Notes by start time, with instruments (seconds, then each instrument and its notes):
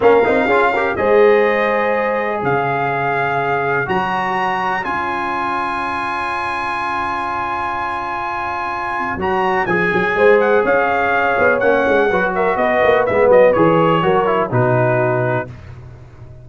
0.00 tuba A#3, trombone C#4, horn A#4, trumpet F5
0.25 tuba C4, trombone D#4
0.46 tuba C#4, trombone F4, horn G#4
0.72 trombone G4, horn A#4
0.96 tuba G#3, trombone G#4, horn C5, trumpet D#5
2.40 tuba C#3, horn C#5, trumpet F5
3.86 tuba F#3, trombone F#4, trumpet A#5
4.83 tuba C#4, trombone F4, trumpet G#5
9.16 tuba F#3, trombone F#4, trumpet A#5
9.66 tuba F3, trombone G#4, trumpet G#5
9.93 tuba F#3
10.14 tuba G#3, horn C5
10.40 trumpet F#5
10.63 tuba C#4, horn C#5, trumpet F5
11.38 tuba B3
11.59 tuba A#3, trombone C#4, trumpet F#5
11.87 tuba G#3
12.10 tuba F#3, trombone F#4, horn B4
12.34 horn A#4, trumpet E5
12.56 tuba B3, horn B4, trumpet D#5
12.83 tuba A#3
13.06 tuba G#3, trombone B3, trumpet E5
13.28 tuba F#3, trumpet D#5
13.52 tuba E3, trombone G#4, trumpet C#5
14.02 tuba F#3, trombone F#4, horn A#4
14.26 trombone E4
14.50 tuba B2, trombone D#4, horn F#4, trumpet B4